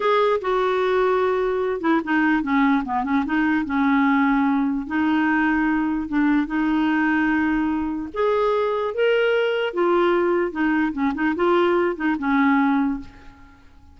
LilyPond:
\new Staff \with { instrumentName = "clarinet" } { \time 4/4 \tempo 4 = 148 gis'4 fis'2.~ | fis'8 e'8 dis'4 cis'4 b8 cis'8 | dis'4 cis'2. | dis'2. d'4 |
dis'1 | gis'2 ais'2 | f'2 dis'4 cis'8 dis'8 | f'4. dis'8 cis'2 | }